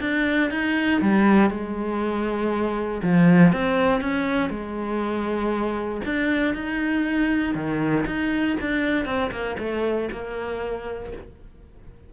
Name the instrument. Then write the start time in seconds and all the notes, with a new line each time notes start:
cello
0.00 D4
0.50 D#4
1.01 G3
1.50 G#3
3.02 F3
3.52 C4
4.01 C#4
4.49 G#3
6.05 D4
6.54 D#4
7.54 D#3
8.06 D#4
8.60 D4
9.05 C4
9.31 A#3
9.59 A3
10.11 A#3